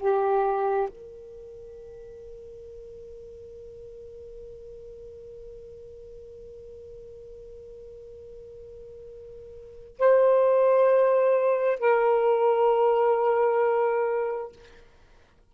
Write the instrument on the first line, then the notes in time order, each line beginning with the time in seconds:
saxophone
0.00 G4
0.89 A#4
9.99 C5
11.80 A#4